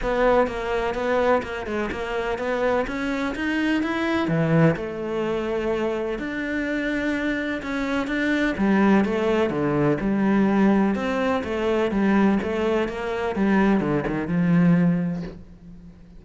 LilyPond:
\new Staff \with { instrumentName = "cello" } { \time 4/4 \tempo 4 = 126 b4 ais4 b4 ais8 gis8 | ais4 b4 cis'4 dis'4 | e'4 e4 a2~ | a4 d'2. |
cis'4 d'4 g4 a4 | d4 g2 c'4 | a4 g4 a4 ais4 | g4 d8 dis8 f2 | }